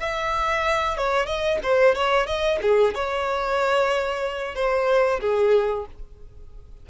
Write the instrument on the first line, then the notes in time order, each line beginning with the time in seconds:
violin
0.00 E5
0.98 C#5
1.26 D#5
1.63 C5
1.95 C#5
2.26 D#5
2.62 G#4
2.95 C#5
4.55 C5
5.21 G#4